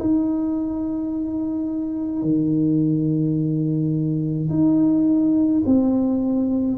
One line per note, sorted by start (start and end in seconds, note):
0.00 2.23 D#4
2.23 4.49 D#3
4.50 5.63 D#4
5.66 6.78 C4